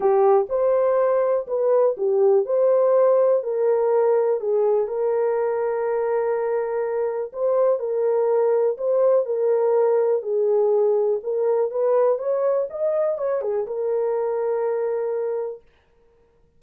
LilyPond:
\new Staff \with { instrumentName = "horn" } { \time 4/4 \tempo 4 = 123 g'4 c''2 b'4 | g'4 c''2 ais'4~ | ais'4 gis'4 ais'2~ | ais'2. c''4 |
ais'2 c''4 ais'4~ | ais'4 gis'2 ais'4 | b'4 cis''4 dis''4 cis''8 gis'8 | ais'1 | }